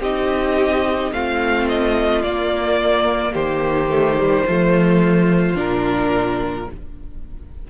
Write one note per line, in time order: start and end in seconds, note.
0.00 1.11 C4
0.00 1.12 D#4
0.00 1.11 G4
0.00 1.12 D#5
1.12 2.23 A3
1.12 2.23 C4
1.12 3.32 F4
1.12 1.68 F5
1.68 2.22 D#5
2.22 3.34 A#3
2.22 3.90 A#3
2.22 3.33 D5
3.32 4.46 D#3
3.32 4.43 G4
3.32 5.56 C5
3.90 4.17 A3
4.17 4.45 G3
4.45 5.55 F3
4.45 5.55 A3
4.45 6.67 F4
5.55 6.66 A#2
5.55 6.66 D4
5.55 6.69 A#4